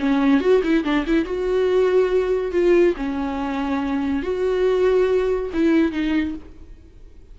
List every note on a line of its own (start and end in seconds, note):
0.00 0.41 C#4
0.41 0.62 F#4
0.64 0.84 E4
0.84 1.06 D4
1.07 1.25 E4
1.25 2.52 F#4
2.52 2.95 F4
2.97 4.23 C#4
4.23 5.50 F#4
5.54 5.92 E4
5.92 6.35 D#4